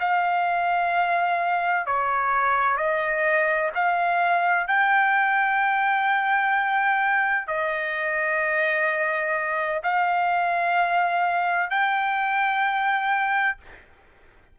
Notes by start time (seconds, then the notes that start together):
0.00 F5
1.86 C#5
2.77 D#5
3.75 F5
4.67 G5
7.47 D#5
9.83 F5
11.70 G5